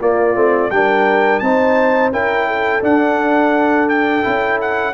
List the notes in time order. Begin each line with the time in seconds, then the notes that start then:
0.00 A#3 F4 D5
0.35 A3 C4
0.70 G3 D4 A#4 G5
1.39 C4 D#4 C5 A5
2.11 C#4 E4 A#4 G5
2.48 A4
2.82 D4 F#5
3.89 G5
4.23 C#4 E4
4.61 F#5